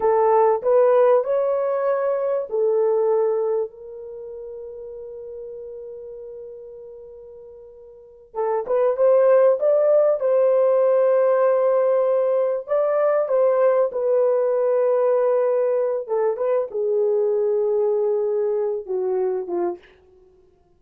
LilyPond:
\new Staff \with { instrumentName = "horn" } { \time 4/4 \tempo 4 = 97 a'4 b'4 cis''2 | a'2 ais'2~ | ais'1~ | ais'4. a'8 b'8 c''4 d''8~ |
d''8 c''2.~ c''8~ | c''8 d''4 c''4 b'4.~ | b'2 a'8 b'8 gis'4~ | gis'2~ gis'8 fis'4 f'8 | }